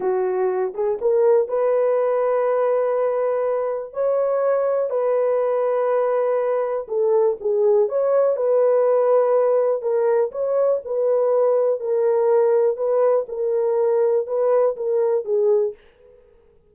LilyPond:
\new Staff \with { instrumentName = "horn" } { \time 4/4 \tempo 4 = 122 fis'4. gis'8 ais'4 b'4~ | b'1 | cis''2 b'2~ | b'2 a'4 gis'4 |
cis''4 b'2. | ais'4 cis''4 b'2 | ais'2 b'4 ais'4~ | ais'4 b'4 ais'4 gis'4 | }